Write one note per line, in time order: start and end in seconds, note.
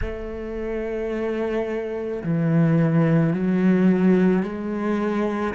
0.01 2.23 A3
2.23 3.33 E3
3.33 4.42 F#3
4.42 5.54 G#3